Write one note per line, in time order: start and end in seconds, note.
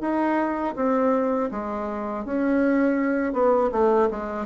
0.00 0.74 D#4
0.75 1.49 C4
1.51 2.25 G#3
2.25 3.33 C#4
3.33 3.70 B3
3.71 4.08 A3
4.10 4.46 G#3